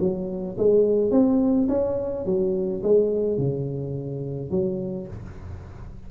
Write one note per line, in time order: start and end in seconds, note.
0.00 0.57 F#3
0.58 1.11 G#3
1.11 1.68 C4
1.69 2.25 C#4
2.25 2.82 F#3
2.83 3.38 G#3
3.38 4.51 C#3
4.51 5.07 F#3